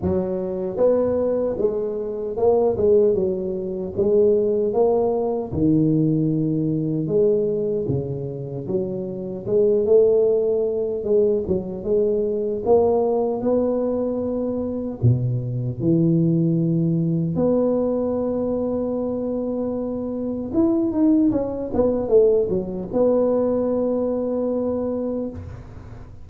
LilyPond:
\new Staff \with { instrumentName = "tuba" } { \time 4/4 \tempo 4 = 76 fis4 b4 gis4 ais8 gis8 | fis4 gis4 ais4 dis4~ | dis4 gis4 cis4 fis4 | gis8 a4. gis8 fis8 gis4 |
ais4 b2 b,4 | e2 b2~ | b2 e'8 dis'8 cis'8 b8 | a8 fis8 b2. | }